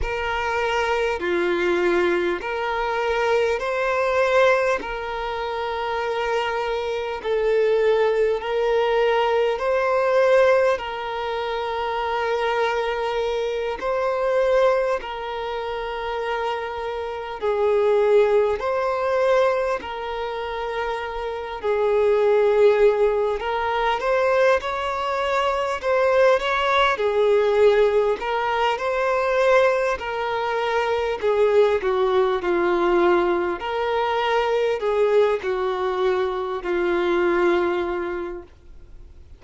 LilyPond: \new Staff \with { instrumentName = "violin" } { \time 4/4 \tempo 4 = 50 ais'4 f'4 ais'4 c''4 | ais'2 a'4 ais'4 | c''4 ais'2~ ais'8 c''8~ | c''8 ais'2 gis'4 c''8~ |
c''8 ais'4. gis'4. ais'8 | c''8 cis''4 c''8 cis''8 gis'4 ais'8 | c''4 ais'4 gis'8 fis'8 f'4 | ais'4 gis'8 fis'4 f'4. | }